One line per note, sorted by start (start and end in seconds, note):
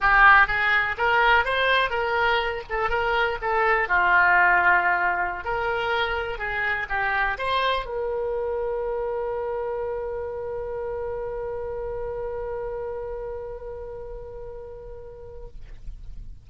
0.00 0.47 G4
0.47 0.95 G#4
0.97 1.44 A#4
1.44 1.90 C5
1.90 2.62 A#4
2.69 2.89 A4
2.89 3.38 A#4
3.41 3.88 A4
3.88 5.44 F4
5.44 6.38 A#4
6.38 6.86 G#4
6.89 7.37 G4
7.38 7.85 C5
7.85 15.47 A#4